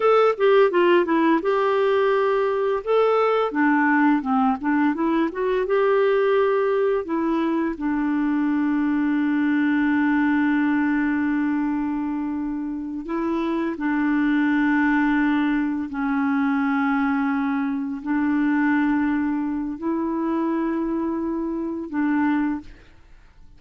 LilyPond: \new Staff \with { instrumentName = "clarinet" } { \time 4/4 \tempo 4 = 85 a'8 g'8 f'8 e'8 g'2 | a'4 d'4 c'8 d'8 e'8 fis'8 | g'2 e'4 d'4~ | d'1~ |
d'2~ d'8 e'4 d'8~ | d'2~ d'8 cis'4.~ | cis'4. d'2~ d'8 | e'2. d'4 | }